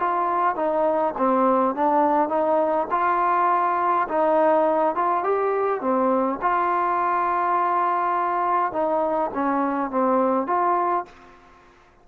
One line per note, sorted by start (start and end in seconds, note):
0.00 0.56 F4
0.56 1.14 D#4
1.18 1.76 C4
1.76 2.29 D4
2.29 2.87 D#4
2.91 4.08 F4
4.09 4.95 D#4
4.95 5.24 F4
5.24 5.81 G4
5.81 6.39 C4
6.42 8.73 F4
8.73 9.31 D#4
9.34 9.91 C#4
9.91 10.47 C4
10.47 11.05 F4